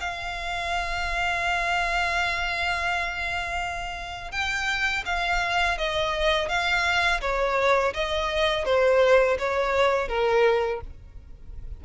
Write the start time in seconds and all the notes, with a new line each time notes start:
0.00 F5
4.31 G5
5.05 F5
5.78 D#5
6.48 F5
7.21 C#5
7.94 D#5
8.65 C5
9.38 C#5
10.08 A#4